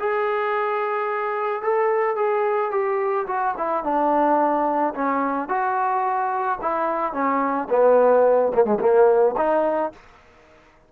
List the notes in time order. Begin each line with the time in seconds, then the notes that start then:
0.00 G#4
1.63 A4
2.16 G#4
2.71 G4
3.28 F#4
3.58 E4
3.84 D4
4.95 C#4
5.49 F#4
6.62 E4
7.14 C#4
7.70 B3
8.54 A#3
8.65 G#3
8.81 A#3
9.38 D#4